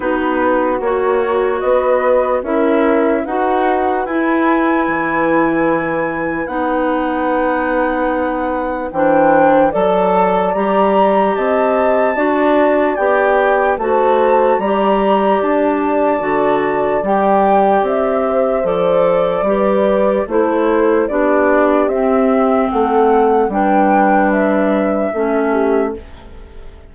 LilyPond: <<
  \new Staff \with { instrumentName = "flute" } { \time 4/4 \tempo 4 = 74 b'4 cis''4 dis''4 e''4 | fis''4 gis''2. | fis''2. g''4 | a''4 ais''4 a''2 |
g''4 a''4 ais''4 a''4~ | a''4 g''4 e''4 d''4~ | d''4 c''4 d''4 e''4 | fis''4 g''4 e''2 | }
  \new Staff \with { instrumentName = "horn" } { \time 4/4 fis'2 b'4 ais'4 | b'1~ | b'2. c''4 | d''2 dis''4 d''4~ |
d''4 c''4 d''2~ | d''2~ d''8 c''4. | b'4 a'4 g'2 | a'4 b'2 a'8 g'8 | }
  \new Staff \with { instrumentName = "clarinet" } { \time 4/4 dis'4 fis'2 e'4 | fis'4 e'2. | dis'2. d'4 | a'4 g'2 fis'4 |
g'4 fis'4 g'2 | fis'4 g'2 a'4 | g'4 e'4 d'4 c'4~ | c'4 d'2 cis'4 | }
  \new Staff \with { instrumentName = "bassoon" } { \time 4/4 b4 ais4 b4 cis'4 | dis'4 e'4 e2 | b2. e4 | fis4 g4 c'4 d'4 |
b4 a4 g4 d'4 | d4 g4 c'4 f4 | g4 a4 b4 c'4 | a4 g2 a4 | }
>>